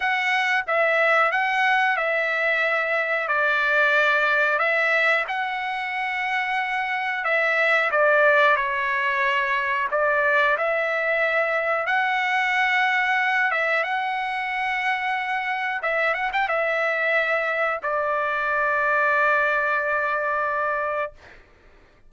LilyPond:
\new Staff \with { instrumentName = "trumpet" } { \time 4/4 \tempo 4 = 91 fis''4 e''4 fis''4 e''4~ | e''4 d''2 e''4 | fis''2. e''4 | d''4 cis''2 d''4 |
e''2 fis''2~ | fis''8 e''8 fis''2. | e''8 fis''16 g''16 e''2 d''4~ | d''1 | }